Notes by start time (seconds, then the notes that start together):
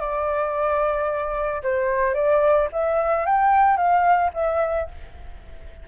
0.00 D5
1.63 C5
2.14 D5
2.72 E5
3.26 G5
3.77 F5
4.34 E5